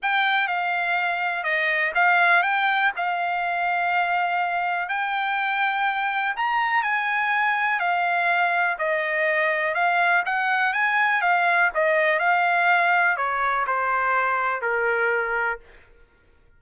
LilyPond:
\new Staff \with { instrumentName = "trumpet" } { \time 4/4 \tempo 4 = 123 g''4 f''2 dis''4 | f''4 g''4 f''2~ | f''2 g''2~ | g''4 ais''4 gis''2 |
f''2 dis''2 | f''4 fis''4 gis''4 f''4 | dis''4 f''2 cis''4 | c''2 ais'2 | }